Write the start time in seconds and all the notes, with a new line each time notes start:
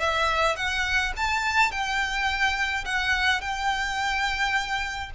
0.00 E5
0.56 F#5
1.17 A5
1.72 G5
2.85 F#5
3.41 G5